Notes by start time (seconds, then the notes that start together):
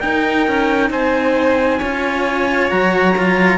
0.00 D#4 A#4 G5
0.48 C#4
0.90 C4 C5 G#5
1.79 C#4 F4 C#5
2.70 F#3 F#4 A#5
3.18 F4